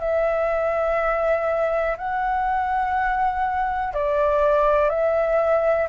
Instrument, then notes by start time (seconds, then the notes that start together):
flute
0.00 E5
1.98 F#5
3.94 D5
4.90 E5